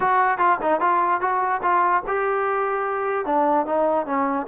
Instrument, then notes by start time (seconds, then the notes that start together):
trombone
0.00 F#4
0.38 F4
0.62 D#4
0.80 F4
1.20 F#4
1.62 F4
2.07 G4
3.25 D4
3.66 D#4
4.06 C#4